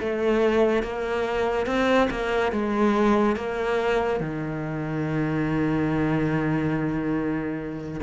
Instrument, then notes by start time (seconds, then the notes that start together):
cello
0.00 A3
0.83 A#3
1.66 C4
2.10 A#3
2.52 G#3
3.36 A#3
4.20 D#3